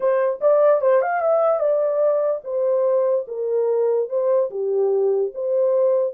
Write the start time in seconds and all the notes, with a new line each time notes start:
0.00 C5
0.40 D5
0.81 C5
1.01 F5
1.20 E5
1.59 D5
2.44 C5
3.27 A#4
4.09 C5
4.50 G4
5.34 C5